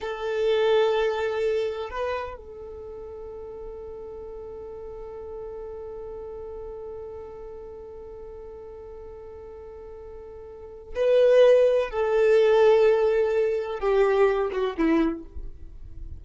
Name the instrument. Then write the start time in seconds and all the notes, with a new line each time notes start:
violin
0.00 A4
1.90 B4
2.37 A4
10.95 B4
11.90 A4
13.79 G4
14.52 F#4
14.77 E4